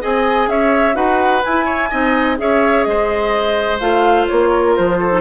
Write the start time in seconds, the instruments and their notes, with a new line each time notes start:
0.00 bassoon C4, clarinet G#4, oboe D#5, flute G#5
0.47 bassoon C#4, oboe C#5, flute E5
0.94 bassoon D#4, clarinet F#4, oboe B4, flute F#5
1.43 bassoon E4, clarinet E4, flute G#5
1.65 oboe C#5
1.90 bassoon C4, clarinet D#4, oboe D#5
2.37 bassoon C#4, clarinet G#4, oboe C#5, flute E5
2.84 bassoon G#3, oboe C5, flute D#5
3.80 bassoon A3, clarinet F4, flute F5
4.27 bassoon A#3, flute C#5
4.49 oboe A#4
4.76 bassoon F3, flute C5
4.99 oboe A4
5.10 clarinet D#4